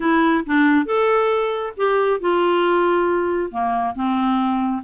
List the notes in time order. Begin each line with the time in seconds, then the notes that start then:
0.00 E4
0.46 D4
0.85 A4
1.76 G4
2.20 F4
3.51 A#3
3.95 C4